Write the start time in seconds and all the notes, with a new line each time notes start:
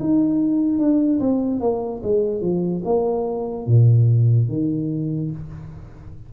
0.00 D#4
0.78 D4
1.20 C4
1.60 A#3
2.03 G#3
2.41 F3
2.85 A#3
3.67 A#2
4.49 D#3